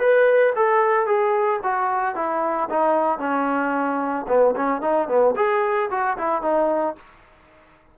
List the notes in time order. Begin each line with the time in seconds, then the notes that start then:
0.00 B4
0.56 A4
1.07 G#4
1.64 F#4
2.16 E4
2.70 D#4
3.19 C#4
4.29 B3
4.57 C#4
4.82 D#4
5.08 B3
5.36 G#4
5.91 F#4
6.18 E4
6.42 D#4